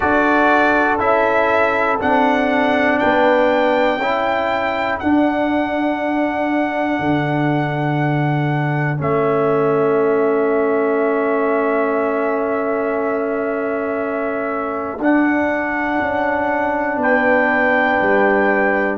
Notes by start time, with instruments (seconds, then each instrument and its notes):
0.00 tuba D4, trombone F#4, horn A4, trumpet D5
0.99 tuba C#4, trombone E4, trumpet E5
2.00 tuba C4, trombone D4, trumpet F#5
2.98 tuba B3, horn B4, trumpet G5
3.97 tuba C#4, trombone E4, horn A4
4.99 trombone D4, tuba D4, trumpet F#5
6.99 tuba D3
8.97 tuba A3, trombone C#4, trumpet E5
14.99 tuba D4, trombone D4, trumpet F#5
16.00 tuba C#4
16.97 tuba B3, horn B4, trumpet G5
18.01 tuba G3